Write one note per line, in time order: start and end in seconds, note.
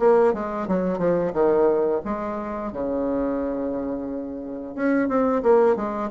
0.00 0.34 A#3
0.34 0.68 G#3
0.68 0.99 F#3
0.99 1.33 F3
1.34 2.02 D#3
2.05 2.73 G#3
2.73 4.76 C#3
4.76 5.09 C#4
5.09 5.43 C4
5.43 5.76 A#3
5.76 6.11 G#3